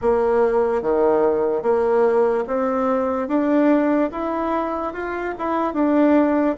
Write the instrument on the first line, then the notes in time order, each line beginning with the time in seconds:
bassoon
0.01 A#3
0.82 D#3
1.62 A#3
2.47 C4
3.28 D4
4.11 E4
4.93 F4
5.38 E4
5.73 D4